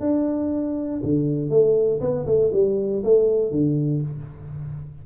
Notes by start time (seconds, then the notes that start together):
0.00 D4
1.03 D3
1.49 A3
2.00 B3
2.26 A3
2.53 G3
3.03 A3
3.51 D3